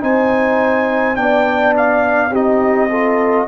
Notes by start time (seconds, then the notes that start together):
0.00 C4 D#4 C5 G#5
1.15 B3 D4 D5 G5
1.76 F5
2.30 C4 D#4 G4 D#5
2.89 F4 A4